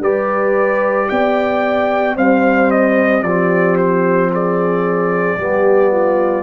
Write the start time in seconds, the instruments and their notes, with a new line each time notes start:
0.00 tuba G3, trombone G4, horn B4, trumpet D5
1.09 tuba B3, horn D5, trumpet G5
2.16 trombone G3, tuba C4, horn C5, trumpet F5
2.71 trumpet D#5
3.23 tuba F3, trombone C4, horn G4, trumpet D5
3.78 trumpet C5
4.33 horn G#4, trumpet D5
5.37 tuba G3, trombone B3, horn G4
5.92 horn F4